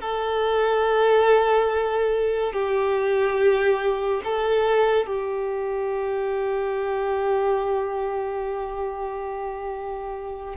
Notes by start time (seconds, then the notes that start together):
0.00 A4
2.52 G4
4.24 A4
5.06 G4